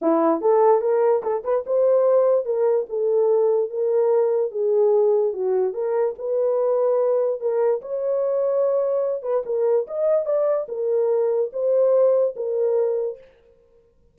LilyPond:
\new Staff \with { instrumentName = "horn" } { \time 4/4 \tempo 4 = 146 e'4 a'4 ais'4 a'8 b'8 | c''2 ais'4 a'4~ | a'4 ais'2 gis'4~ | gis'4 fis'4 ais'4 b'4~ |
b'2 ais'4 cis''4~ | cis''2~ cis''8 b'8 ais'4 | dis''4 d''4 ais'2 | c''2 ais'2 | }